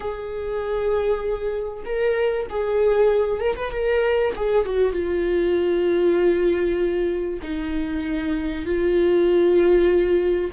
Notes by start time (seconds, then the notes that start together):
0.00 G#4
1.85 A#4
2.49 G#4
3.39 A#4
3.55 B4
3.71 A#4
4.35 G#4
4.65 F#4
4.92 F4
7.42 D#4
8.65 F4